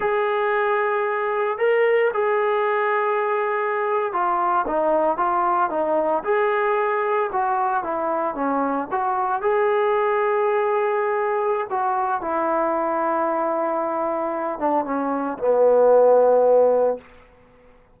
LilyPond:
\new Staff \with { instrumentName = "trombone" } { \time 4/4 \tempo 4 = 113 gis'2. ais'4 | gis'2.~ gis'8. f'16~ | f'8. dis'4 f'4 dis'4 gis'16~ | gis'4.~ gis'16 fis'4 e'4 cis'16~ |
cis'8. fis'4 gis'2~ gis'16~ | gis'2 fis'4 e'4~ | e'2.~ e'8 d'8 | cis'4 b2. | }